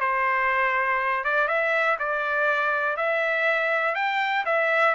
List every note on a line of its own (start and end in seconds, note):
0.00 1.24 C5
1.24 1.47 D5
1.47 1.97 E5
1.99 2.96 D5
2.96 3.95 E5
3.95 4.44 G5
4.45 4.94 E5